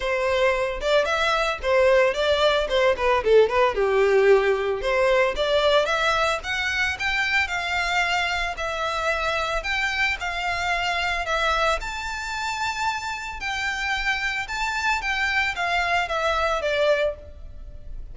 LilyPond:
\new Staff \with { instrumentName = "violin" } { \time 4/4 \tempo 4 = 112 c''4. d''8 e''4 c''4 | d''4 c''8 b'8 a'8 b'8 g'4~ | g'4 c''4 d''4 e''4 | fis''4 g''4 f''2 |
e''2 g''4 f''4~ | f''4 e''4 a''2~ | a''4 g''2 a''4 | g''4 f''4 e''4 d''4 | }